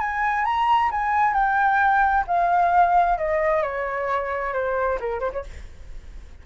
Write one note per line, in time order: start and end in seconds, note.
0.00 0.45 G#5
0.45 0.90 A#5
0.91 1.34 G#5
1.34 2.25 G5
2.27 3.18 F5
3.18 3.63 D#5
3.63 4.54 C#5
4.54 4.99 C5
5.00 5.20 A#4
5.20 5.32 C5
5.33 5.44 C#5